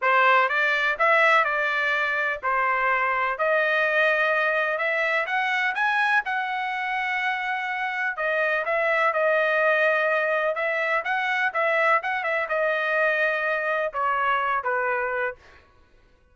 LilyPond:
\new Staff \with { instrumentName = "trumpet" } { \time 4/4 \tempo 4 = 125 c''4 d''4 e''4 d''4~ | d''4 c''2 dis''4~ | dis''2 e''4 fis''4 | gis''4 fis''2.~ |
fis''4 dis''4 e''4 dis''4~ | dis''2 e''4 fis''4 | e''4 fis''8 e''8 dis''2~ | dis''4 cis''4. b'4. | }